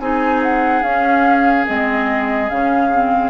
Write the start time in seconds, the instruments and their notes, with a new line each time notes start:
0.00 bassoon C4, clarinet D#4, oboe G#4, flute G#5
0.43 flute F#5
0.83 bassoon C#4, clarinet C#4, flute F5
1.67 bassoon G#3, clarinet C4, flute D#5
2.49 bassoon C#3, clarinet C#4, flute F5
2.93 clarinet C4